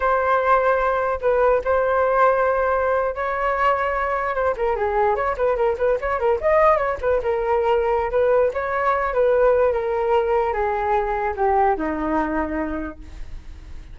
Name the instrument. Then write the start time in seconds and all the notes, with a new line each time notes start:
flute
0.00 C5
1.21 B4
1.64 C5
3.15 C#5
4.35 C5
4.56 A#4
4.76 G#4
5.15 C#5
5.37 B4
5.56 A#4
5.78 B4
6.01 C#5
6.19 A#4
6.41 D#5
6.77 C#5
7.01 B4
7.22 A#4
8.10 B4
8.53 C#5
9.13 B4
9.72 A#4
10.53 G#4
11.36 G4
11.77 D#4